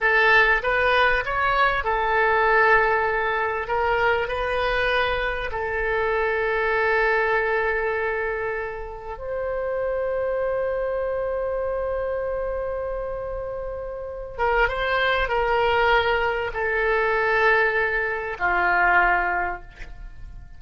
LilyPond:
\new Staff \with { instrumentName = "oboe" } { \time 4/4 \tempo 4 = 98 a'4 b'4 cis''4 a'4~ | a'2 ais'4 b'4~ | b'4 a'2.~ | a'2. c''4~ |
c''1~ | c''2.~ c''8 ais'8 | c''4 ais'2 a'4~ | a'2 f'2 | }